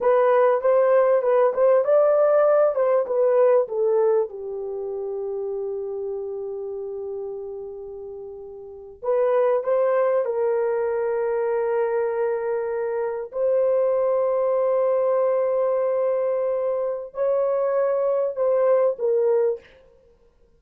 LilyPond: \new Staff \with { instrumentName = "horn" } { \time 4/4 \tempo 4 = 98 b'4 c''4 b'8 c''8 d''4~ | d''8 c''8 b'4 a'4 g'4~ | g'1~ | g'2~ g'8. b'4 c''16~ |
c''8. ais'2.~ ais'16~ | ais'4.~ ais'16 c''2~ c''16~ | c''1 | cis''2 c''4 ais'4 | }